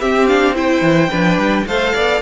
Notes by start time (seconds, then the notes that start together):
0.00 C4 G4 E5
0.28 D4 F5
0.54 E4 C5 G5
0.81 E3
1.10 F3 D4 B4
1.38 G3
1.67 A3 A4 C5 F5
1.94 B3 D5